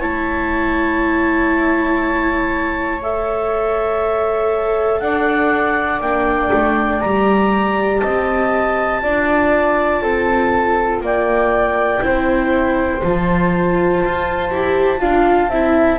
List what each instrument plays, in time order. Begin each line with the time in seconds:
0.00 double bass A3, viola E4, flute C#5, clarinet A5
3.02 viola A4, clarinet E5
5.00 double bass D4, flute D5, clarinet F#5
6.01 double bass A#3, viola D4, clarinet G5
6.52 double bass A3
7.00 double bass G3, viola G4, clarinet A#5
7.99 double bass C4, flute D#5, clarinet A5
9.01 double bass D4, viola F4, flute D5
10.01 double bass C4, flute A4
11.01 double bass A#3, flute D5, clarinet G5
11.99 double bass C4, viola E4, flute C5
13.03 double bass F3, viola F4, clarinet A5
14.04 double bass F4
14.51 double bass E4, viola G4
14.98 double bass D4, viola F4, flute F5
15.49 double bass C4, viola E4, flute E5